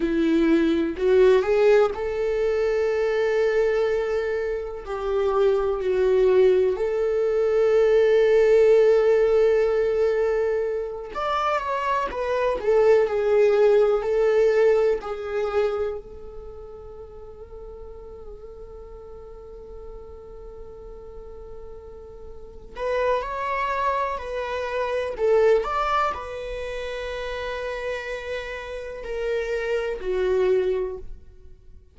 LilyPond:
\new Staff \with { instrumentName = "viola" } { \time 4/4 \tempo 4 = 62 e'4 fis'8 gis'8 a'2~ | a'4 g'4 fis'4 a'4~ | a'2.~ a'8 d''8 | cis''8 b'8 a'8 gis'4 a'4 gis'8~ |
gis'8 a'2.~ a'8~ | a'2.~ a'8 b'8 | cis''4 b'4 a'8 d''8 b'4~ | b'2 ais'4 fis'4 | }